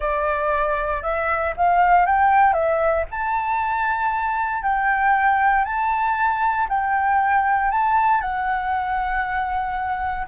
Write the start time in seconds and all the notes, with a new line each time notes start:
0.00 D5
1.02 E5
1.56 F5
2.06 G5
2.53 E5
3.10 A5
4.62 G5
5.64 A5
6.69 G5
7.71 A5
8.21 F#5